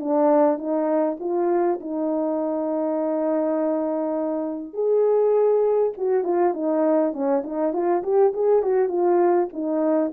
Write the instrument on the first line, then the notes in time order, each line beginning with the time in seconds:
horn
0.00 D4
0.58 D#4
1.20 F4
1.81 D#4
4.74 G#4
5.98 F#4
6.24 F4
6.54 D#4
7.13 C#4
7.44 D#4
7.73 F4
8.03 G4
8.34 G#4
8.63 F#4
8.89 F4
9.53 D#4